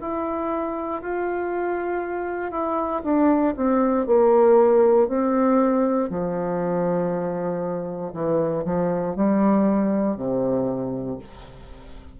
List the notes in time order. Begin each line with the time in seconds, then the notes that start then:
0.00 E4
1.02 F4
2.51 E4
3.04 D4
3.56 C4
4.07 A#3
5.08 C4
6.10 F3
8.13 E3
8.65 F3
9.16 G3
10.16 C3